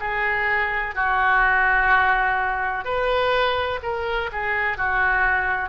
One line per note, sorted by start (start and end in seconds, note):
0.00 0.95 G#4
0.95 2.84 F#4
2.84 3.80 B4
3.83 4.30 A#4
4.32 4.77 G#4
4.77 5.69 F#4